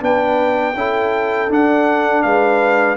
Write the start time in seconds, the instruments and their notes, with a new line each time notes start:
0.00 tuba B3, trombone D4, horn B4, trumpet G5
0.74 tuba C#4, trombone E4, horn A4
1.49 trombone D4, tuba D4, trumpet F#5
2.23 tuba G#3, horn B4, trumpet F5